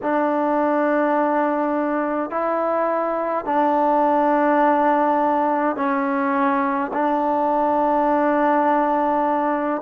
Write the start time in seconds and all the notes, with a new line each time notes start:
0.02 D4
2.30 E4
3.45 D4
5.75 C#4
6.93 D4